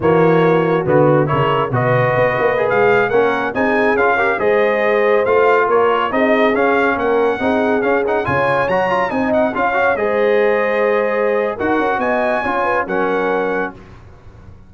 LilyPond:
<<
  \new Staff \with { instrumentName = "trumpet" } { \time 4/4 \tempo 4 = 140 cis''2 fis'4 cis''4 | dis''2~ dis''16 f''4 fis''8.~ | fis''16 gis''4 f''4 dis''4.~ dis''16~ | dis''16 f''4 cis''4 dis''4 f''8.~ |
f''16 fis''2 f''8 fis''8 gis''8.~ | gis''16 ais''4 gis''8 fis''8 f''4 dis''8.~ | dis''2. fis''4 | gis''2 fis''2 | }
  \new Staff \with { instrumentName = "horn" } { \time 4/4 fis'2. ais'4 | b'2.~ b'16 ais'8.~ | ais'16 gis'4. ais'8 c''4.~ c''16~ | c''4~ c''16 ais'4 gis'4.~ gis'16~ |
gis'16 ais'4 gis'2 cis''8.~ | cis''4~ cis''16 dis''4 cis''4 c''8.~ | c''2. ais'4 | dis''4 cis''8 b'8 ais'2 | }
  \new Staff \with { instrumentName = "trombone" } { \time 4/4 ais2 b4 e'4 | fis'2 gis'4~ gis'16 cis'8.~ | cis'16 dis'4 f'8 g'8 gis'4.~ gis'16~ | gis'16 f'2 dis'4 cis'8.~ |
cis'4~ cis'16 dis'4 cis'8 dis'8 f'8.~ | f'16 fis'8 f'8 dis'4 f'8 fis'8 gis'8.~ | gis'2. fis'4~ | fis'4 f'4 cis'2 | }
  \new Staff \with { instrumentName = "tuba" } { \time 4/4 e2 d4 cis4 | b,4 b8 ais8. gis4 ais8.~ | ais16 c'4 cis'4 gis4.~ gis16~ | gis16 a4 ais4 c'4 cis'8.~ |
cis'16 ais4 c'4 cis'4 cis8.~ | cis16 fis4 c'4 cis'4 gis8.~ | gis2. dis'8 cis'8 | b4 cis'4 fis2 | }
>>